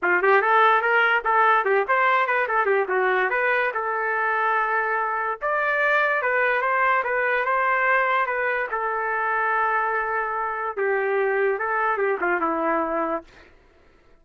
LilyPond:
\new Staff \with { instrumentName = "trumpet" } { \time 4/4 \tempo 4 = 145 f'8 g'8 a'4 ais'4 a'4 | g'8 c''4 b'8 a'8 g'8 fis'4 | b'4 a'2.~ | a'4 d''2 b'4 |
c''4 b'4 c''2 | b'4 a'2.~ | a'2 g'2 | a'4 g'8 f'8 e'2 | }